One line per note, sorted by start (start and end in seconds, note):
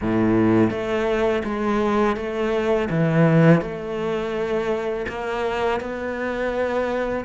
0.01 0.70 A2
0.70 1.43 A3
1.44 2.16 G#3
2.16 2.88 A3
2.89 3.61 E3
3.61 5.05 A3
5.08 5.80 A#3
5.80 7.25 B3